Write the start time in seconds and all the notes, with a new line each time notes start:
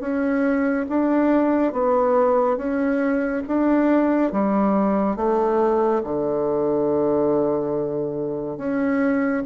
0.00 C#4
0.89 D4
1.73 B3
2.57 C#4
3.47 D4
4.32 G3
5.16 A3
6.04 D3
8.58 C#4